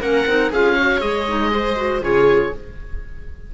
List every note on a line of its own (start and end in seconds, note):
0.00 0.25 A#3
0.00 0.25 C#4
0.00 0.50 A#4
0.00 0.52 F#5
0.26 0.51 C4
0.26 0.51 D#4
0.50 1.01 C#4
0.50 0.79 F4
0.50 0.75 G#4
0.50 1.00 F5
0.75 0.99 F#4
0.75 1.51 C#5
0.99 2.01 G#3
0.99 1.25 G#4
0.99 2.01 D#5
1.27 1.51 D#4
1.51 1.76 G#4
1.51 2.03 C5
1.76 2.01 F#4
2.01 2.51 C#3
2.01 2.51 F4
2.01 2.54 G#4
2.01 2.53 C#5